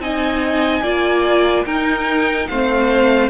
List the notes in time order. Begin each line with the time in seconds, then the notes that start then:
0.00 C4 D#4 D#5 G#5
0.83 A#3 F4 D5
1.66 D#4 A#4 G5
2.48 A3 C4 C5 F5